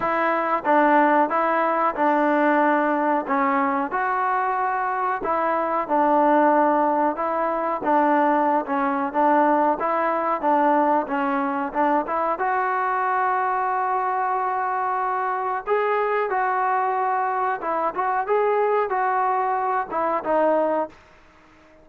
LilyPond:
\new Staff \with { instrumentName = "trombone" } { \time 4/4 \tempo 4 = 92 e'4 d'4 e'4 d'4~ | d'4 cis'4 fis'2 | e'4 d'2 e'4 | d'4~ d'16 cis'8. d'4 e'4 |
d'4 cis'4 d'8 e'8 fis'4~ | fis'1 | gis'4 fis'2 e'8 fis'8 | gis'4 fis'4. e'8 dis'4 | }